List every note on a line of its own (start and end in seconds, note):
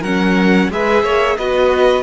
0.00 0.69 F#3
0.00 0.71 C#4
0.00 0.67 A#4
0.00 0.70 F#5
0.70 1.03 G#3
0.70 1.38 G#4
0.70 1.03 B4
0.70 1.37 E5
1.03 1.37 A#3
1.03 1.37 C#5
1.37 2.03 B3
1.37 2.03 F#4
1.37 2.03 B4
1.37 2.03 D#5